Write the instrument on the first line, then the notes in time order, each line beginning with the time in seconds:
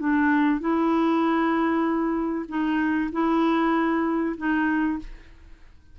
clarinet
0.00 D4
0.60 E4
2.49 D#4
3.12 E4
4.37 D#4